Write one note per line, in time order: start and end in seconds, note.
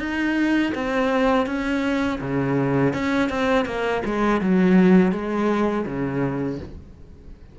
0.00 0.73 D#4
0.75 1.47 C4
1.47 2.20 C#4
2.21 2.94 C#3
2.94 3.30 C#4
3.30 3.66 C4
3.66 4.02 A#3
4.05 4.41 G#3
4.41 5.12 F#3
5.12 5.85 G#3
5.86 6.59 C#3